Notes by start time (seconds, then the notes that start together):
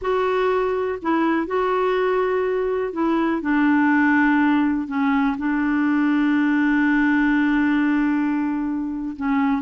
0.01 F#4
1.01 E4
1.46 F#4
2.92 E4
3.41 D4
4.87 C#4
5.38 D4
9.16 C#4